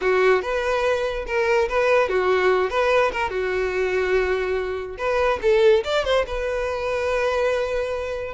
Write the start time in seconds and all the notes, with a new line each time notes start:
0.01 F#4
0.41 B4
1.27 A#4
1.69 B4
2.08 F#4
2.70 B4
3.12 A#4
3.30 F#4
4.98 B4
5.41 A4
5.84 D5
6.05 C5
6.26 B4